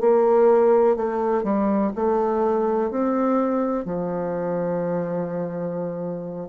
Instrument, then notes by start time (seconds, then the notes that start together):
bassoon
0.00 A#3
0.96 A3
1.43 G3
1.95 A3
2.90 C4
3.84 F3